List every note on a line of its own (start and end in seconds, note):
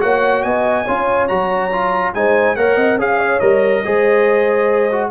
0.00 0.44 A#3
0.00 0.85 F#4
0.00 0.45 C#5
0.00 0.43 F#5
0.43 0.87 B3
0.43 0.84 D#5
0.43 1.28 G#5
0.84 1.30 C#4
0.84 1.29 F4
0.84 2.12 C#5
1.28 2.15 F#3
1.28 1.71 F#4
1.28 2.13 A#5
1.72 2.15 F4
2.14 2.57 G#3
2.14 2.57 D#4
2.14 2.56 C5
2.14 2.56 G#5
2.56 2.77 A#3
2.56 2.99 A#4
2.56 2.76 C#5
2.56 2.98 F#5
2.76 2.97 C4
2.76 2.97 D#5
2.97 3.40 C#4
2.97 3.41 G#4
2.97 3.19 F5
2.97 3.40 F5
3.19 3.83 C#5
3.40 3.84 G3
3.40 3.83 A#4
3.40 5.10 D#5
3.84 5.11 G#3
3.84 4.91 G#4
3.84 5.11 C5
4.92 5.11 F#4